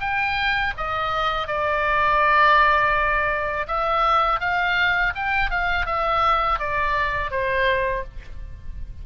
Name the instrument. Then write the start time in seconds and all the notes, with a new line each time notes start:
oboe
0.00 G5
0.77 D#5
1.47 D5
3.67 E5
4.40 F5
5.15 G5
5.50 F5
5.86 E5
6.59 D5
7.31 C5